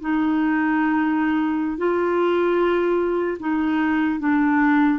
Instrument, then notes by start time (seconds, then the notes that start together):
clarinet
0.00 D#4
1.77 F4
3.39 D#4
4.19 D4